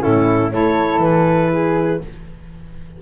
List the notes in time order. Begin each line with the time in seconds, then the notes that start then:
0.00 A2 C#4 E4 A4
0.51 A3 E4 A4 C#5
0.98 E3 B4
1.52 G#4